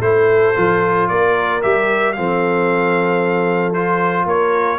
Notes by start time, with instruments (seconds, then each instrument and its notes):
0.00 tuba A3, trombone E4, horn A4, trumpet C5
0.55 tuba F3, trombone F4
1.08 tuba A#3, horn A#4, trumpet D5
1.62 tuba G3, trombone G4, trumpet E5
2.13 tuba F3, trombone C4, horn A4, trumpet F5
3.73 trombone F4, trumpet C5
4.26 tuba A#3, horn A#4, trumpet C#5